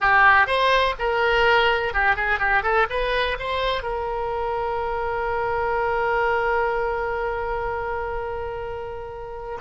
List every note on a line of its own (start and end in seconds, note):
0.00 0.46 G4
0.46 0.94 C5
0.99 1.93 A#4
1.93 2.16 G4
2.16 2.39 G#4
2.39 2.63 G4
2.63 2.87 A4
2.89 3.37 B4
3.39 3.82 C5
3.82 9.58 A#4